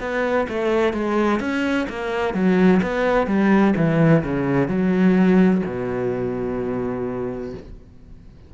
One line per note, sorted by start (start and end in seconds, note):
0.00 0.47 B3
0.49 0.93 A3
0.93 1.40 G#3
1.40 1.87 C#4
1.89 2.34 A#3
2.34 2.81 F#3
2.82 3.27 B3
3.27 3.74 G3
3.77 4.24 E3
4.24 4.68 C#3
4.68 5.62 F#3
5.66 7.53 B2